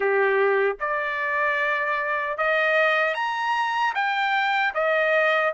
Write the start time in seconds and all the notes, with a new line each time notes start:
0.00 G4
0.80 D5
2.37 D#5
3.14 A#5
3.94 G5
4.74 D#5